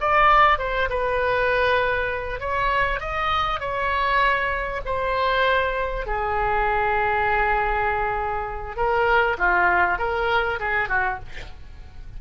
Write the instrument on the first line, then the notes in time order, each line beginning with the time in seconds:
oboe
0.00 D5
0.59 C5
0.90 B4
2.40 C#5
3.00 D#5
3.60 C#5
4.85 C5
6.06 G#4
8.76 A#4
9.38 F4
9.99 A#4
10.60 G#4
10.89 F#4